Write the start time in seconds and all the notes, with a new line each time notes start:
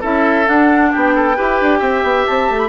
0.00 C#4 E4 A4 E5
0.45 D4 F#5
0.91 B3 G4 G5
1.15 A4
1.35 E4 G4 B4
1.60 D4
1.79 C4 E5
2.03 B3
2.27 C4 A5
2.50 A3
2.58 B5